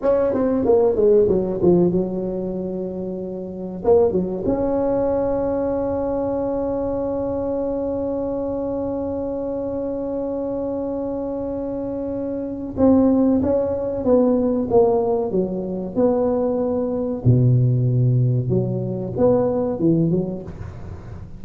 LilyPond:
\new Staff \with { instrumentName = "tuba" } { \time 4/4 \tempo 4 = 94 cis'8 c'8 ais8 gis8 fis8 f8 fis4~ | fis2 ais8 fis8 cis'4~ | cis'1~ | cis'1~ |
cis'1 | c'4 cis'4 b4 ais4 | fis4 b2 b,4~ | b,4 fis4 b4 e8 fis8 | }